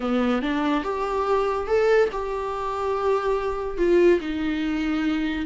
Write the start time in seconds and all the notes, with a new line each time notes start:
0.00 B3
0.42 D4
0.83 G4
1.67 A4
2.12 G4
3.77 F4
4.20 D#4